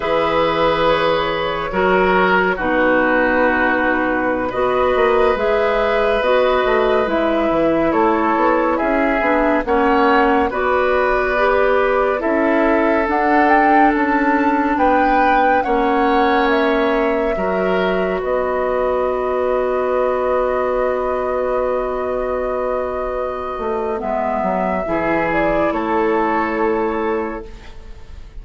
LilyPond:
<<
  \new Staff \with { instrumentName = "flute" } { \time 4/4 \tempo 4 = 70 e''4 cis''2 b'4~ | b'4~ b'16 dis''4 e''4 dis''8.~ | dis''16 e''4 cis''4 e''4 fis''8.~ | fis''16 d''2 e''4 fis''8 g''16~ |
g''16 a''4 g''4 fis''4 e''8.~ | e''4~ e''16 dis''2~ dis''8.~ | dis''1 | e''4. d''8 cis''2 | }
  \new Staff \with { instrumentName = "oboe" } { \time 4/4 b'2 ais'4 fis'4~ | fis'4~ fis'16 b'2~ b'8.~ | b'4~ b'16 a'4 gis'4 cis''8.~ | cis''16 b'2 a'4.~ a'16~ |
a'4~ a'16 b'4 cis''4.~ cis''16~ | cis''16 ais'4 b'2~ b'8.~ | b'1~ | b'4 gis'4 a'2 | }
  \new Staff \with { instrumentName = "clarinet" } { \time 4/4 gis'2 fis'4 dis'4~ | dis'4~ dis'16 fis'4 gis'4 fis'8.~ | fis'16 e'2~ e'8 d'8 cis'8.~ | cis'16 fis'4 g'4 e'4 d'8.~ |
d'2~ d'16 cis'4.~ cis'16~ | cis'16 fis'2.~ fis'8.~ | fis'1 | b4 e'2. | }
  \new Staff \with { instrumentName = "bassoon" } { \time 4/4 e2 fis4 b,4~ | b,4~ b,16 b8 ais8 gis4 b8 a16~ | a16 gis8 e8 a8 b8 cis'8 b8 ais8.~ | ais16 b2 cis'4 d'8.~ |
d'16 cis'4 b4 ais4.~ ais16~ | ais16 fis4 b2~ b8.~ | b2.~ b8 a8 | gis8 fis8 e4 a2 | }
>>